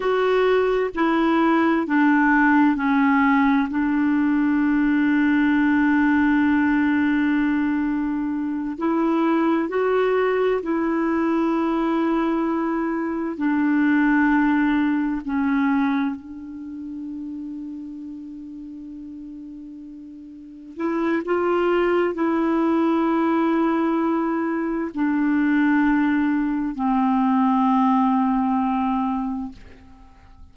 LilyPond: \new Staff \with { instrumentName = "clarinet" } { \time 4/4 \tempo 4 = 65 fis'4 e'4 d'4 cis'4 | d'1~ | d'4. e'4 fis'4 e'8~ | e'2~ e'8 d'4.~ |
d'8 cis'4 d'2~ d'8~ | d'2~ d'8 e'8 f'4 | e'2. d'4~ | d'4 c'2. | }